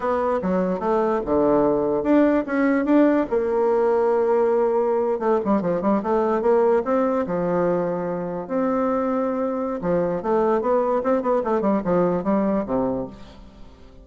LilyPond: \new Staff \with { instrumentName = "bassoon" } { \time 4/4 \tempo 4 = 147 b4 fis4 a4 d4~ | d4 d'4 cis'4 d'4 | ais1~ | ais8. a8 g8 f8 g8 a4 ais16~ |
ais8. c'4 f2~ f16~ | f8. c'2.~ c'16 | f4 a4 b4 c'8 b8 | a8 g8 f4 g4 c4 | }